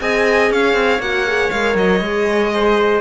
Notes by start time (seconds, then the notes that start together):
0.00 C4 G#4 D#5 G#5
0.51 C#4 C#5 F5
0.74 C4
0.99 A#3 F#4 F#5
1.27 G#4
1.51 G#3 A#4 F5
1.75 F#3 D#5
2.00 G#3 G#4
2.54 C5